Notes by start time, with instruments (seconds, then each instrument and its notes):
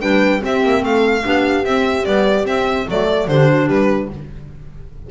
0.00 double bass G3, clarinet D4, horn B4, violin G5
0.40 clarinet C4, double bass C4, horn G4, violin E5
0.63 double bass A#3
0.83 double bass A3, horn A4, violin F5
1.23 double bass B3, clarinet D4, horn G4
1.64 double bass C4, clarinet C4, violin E5
2.04 clarinet G3, double bass B3, violin D5
2.44 clarinet C4, double bass C4, violin E5
2.88 double bass F#3, clarinet A3, horn A4, violin D5
3.27 double bass D3, clarinet D4, horn G4, violin C5
3.50 horn F#4
3.66 double bass G3, horn G4, violin B4